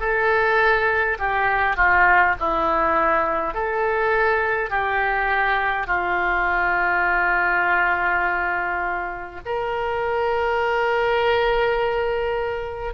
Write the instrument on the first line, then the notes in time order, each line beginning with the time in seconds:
oboe
0.00 A4
1.19 G4
1.76 F4
2.40 E4
3.53 A4
4.70 G4
5.87 F4
9.45 A#4